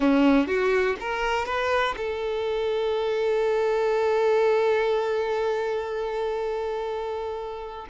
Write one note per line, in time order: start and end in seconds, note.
0.00 0.47 C#4
0.47 0.96 F#4
1.00 1.45 A#4
1.45 1.94 B4
1.96 7.87 A4